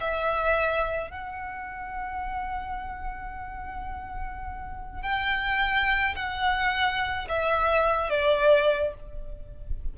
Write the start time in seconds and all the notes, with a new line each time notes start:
0.00 E5
1.10 F#5
5.03 G5
6.16 F#5
7.28 E5
8.10 D5